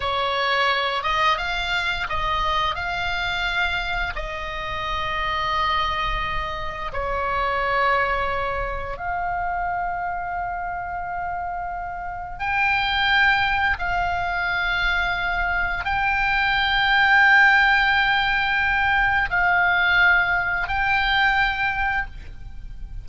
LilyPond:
\new Staff \with { instrumentName = "oboe" } { \time 4/4 \tempo 4 = 87 cis''4. dis''8 f''4 dis''4 | f''2 dis''2~ | dis''2 cis''2~ | cis''4 f''2.~ |
f''2 g''2 | f''2. g''4~ | g''1 | f''2 g''2 | }